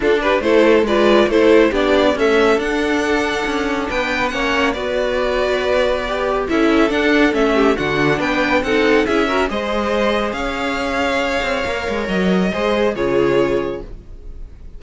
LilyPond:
<<
  \new Staff \with { instrumentName = "violin" } { \time 4/4 \tempo 4 = 139 a'8 b'8 c''4 d''4 c''4 | d''4 e''4 fis''2~ | fis''4 g''4 fis''4 d''4~ | d''2. e''4 |
fis''4 e''4 fis''4 g''4 | fis''4 e''4 dis''2 | f''1 | dis''2 cis''2 | }
  \new Staff \with { instrumentName = "violin" } { \time 4/4 f'8 g'8 a'4 b'4 a'4 | g'4 a'2.~ | a'4 b'4 cis''4 b'4~ | b'2. a'4~ |
a'4. g'8 fis'4 b'4 | a'4 gis'8 ais'8 c''2 | cis''1~ | cis''4 c''4 gis'2 | }
  \new Staff \with { instrumentName = "viola" } { \time 4/4 d'4 e'4 f'4 e'4 | d'4 a4 d'2~ | d'2 cis'4 fis'4~ | fis'2 g'4 e'4 |
d'4 cis'4 d'2 | dis'4 e'8 fis'8 gis'2~ | gis'2. ais'4~ | ais'4 gis'4 f'2 | }
  \new Staff \with { instrumentName = "cello" } { \time 4/4 d'4 a4 gis4 a4 | b4 cis'4 d'2 | cis'4 b4 ais4 b4~ | b2. cis'4 |
d'4 a4 d4 b4 | c'4 cis'4 gis2 | cis'2~ cis'8 c'8 ais8 gis8 | fis4 gis4 cis2 | }
>>